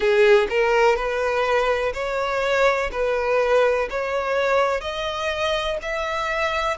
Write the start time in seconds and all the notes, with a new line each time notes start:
0.00 G#4
0.49 A#4
0.96 B4
1.94 C#5
2.91 B4
3.89 C#5
4.80 D#5
5.82 E5